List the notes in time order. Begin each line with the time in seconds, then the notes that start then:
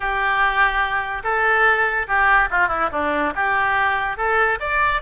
0.00 G4
1.23 A4
2.07 G4
2.50 F4
2.68 E4
2.91 D4
3.35 G4
4.17 A4
4.59 D5